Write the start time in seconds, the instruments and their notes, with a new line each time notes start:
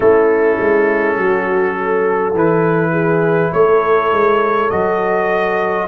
0.00 tuba A3, trombone C#4, horn E4, trumpet A4
0.59 tuba G#3
1.16 tuba F#3, horn F#4
1.77 horn A4
2.33 tuba E3, trombone E4, trumpet B4
2.91 horn G#4
3.52 tuba A3, horn A4, trumpet C#5
4.12 tuba G#3
4.70 tuba F#3, trombone F#4, trumpet D#5